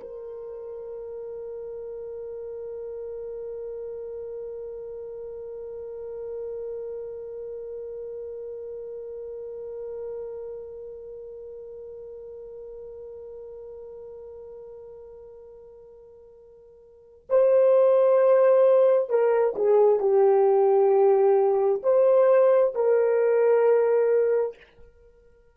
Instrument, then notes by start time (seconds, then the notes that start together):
horn
0.00 A#4
17.29 C5
19.09 A#4
19.56 G#4
20.00 G4
21.83 C5
22.75 A#4